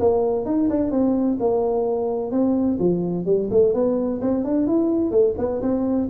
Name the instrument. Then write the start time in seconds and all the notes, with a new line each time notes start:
tuba
0.00 A#3
0.46 D#4
0.70 D4
0.91 C4
1.40 A#3
2.32 C4
2.79 F3
3.26 G3
3.51 A3
3.74 B3
4.22 C4
4.44 D4
4.67 E4
5.11 A3
5.38 B3
5.62 C4